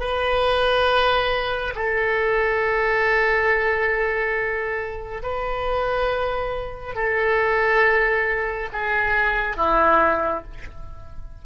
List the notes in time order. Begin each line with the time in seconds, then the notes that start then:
0.00 B4
1.75 A4
5.23 B4
6.95 A4
8.73 G#4
9.57 E4